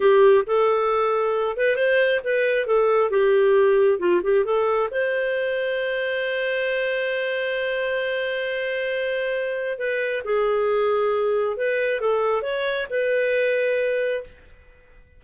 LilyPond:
\new Staff \with { instrumentName = "clarinet" } { \time 4/4 \tempo 4 = 135 g'4 a'2~ a'8 b'8 | c''4 b'4 a'4 g'4~ | g'4 f'8 g'8 a'4 c''4~ | c''1~ |
c''1~ | c''2 b'4 gis'4~ | gis'2 b'4 a'4 | cis''4 b'2. | }